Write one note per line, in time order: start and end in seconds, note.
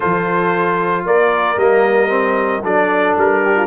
0.00 1.04 F3
0.00 1.57 F4
0.00 1.05 A4
0.00 1.05 C5
1.04 1.56 A#3
1.04 2.63 A#4
1.04 1.58 D5
1.56 2.62 G3
1.56 2.08 A#3
1.56 2.64 D#5
2.08 2.61 C4
2.63 3.16 F#3
2.63 3.67 D4
2.63 3.42 A4
2.63 3.16 D5
3.17 3.67 G3
3.17 3.67 A#4
3.45 3.55 G4
3.55 3.67 F4